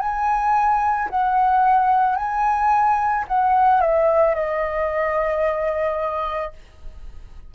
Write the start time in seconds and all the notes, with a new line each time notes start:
0.00 G#5
1.10 F#5
2.16 G#5
3.28 F#5
3.81 E5
4.35 D#5